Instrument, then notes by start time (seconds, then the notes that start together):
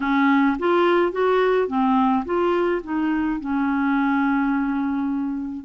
clarinet
0.00 C#4
0.58 F4
1.12 F#4
1.67 C4
2.25 F4
2.83 D#4
3.40 C#4